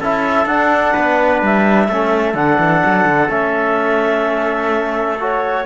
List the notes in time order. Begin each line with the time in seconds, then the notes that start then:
0.00 C#4 E4 A4 E5
0.45 D4 F#5
0.93 B3 B4
1.42 G3 E5
1.88 A3 C#4 A4
2.34 D3 D4 F#5
2.59 E3
2.86 F#3
3.05 D3
3.29 A3 C#4 E5
5.20 F#4 C#5